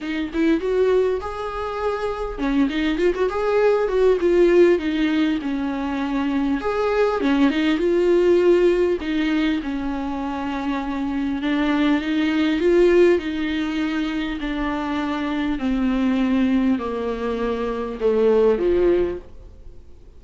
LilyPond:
\new Staff \with { instrumentName = "viola" } { \time 4/4 \tempo 4 = 100 dis'8 e'8 fis'4 gis'2 | cis'8 dis'8 f'16 fis'16 gis'4 fis'8 f'4 | dis'4 cis'2 gis'4 | cis'8 dis'8 f'2 dis'4 |
cis'2. d'4 | dis'4 f'4 dis'2 | d'2 c'2 | ais2 a4 f4 | }